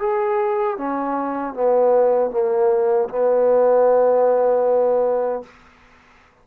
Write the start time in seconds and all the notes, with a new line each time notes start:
0.00 G#4
0.78 C#4
1.54 B3
2.31 A#3
3.10 B3